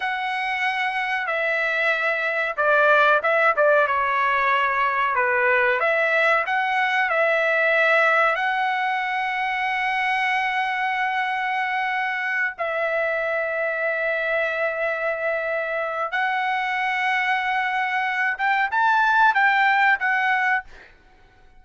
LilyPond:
\new Staff \with { instrumentName = "trumpet" } { \time 4/4 \tempo 4 = 93 fis''2 e''2 | d''4 e''8 d''8 cis''2 | b'4 e''4 fis''4 e''4~ | e''4 fis''2.~ |
fis''2.~ fis''8 e''8~ | e''1~ | e''4 fis''2.~ | fis''8 g''8 a''4 g''4 fis''4 | }